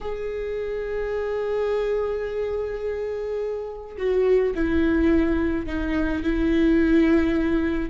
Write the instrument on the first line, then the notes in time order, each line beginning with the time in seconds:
viola
0.00 G#4
3.97 F#4
4.54 E4
5.66 D#4
6.23 E4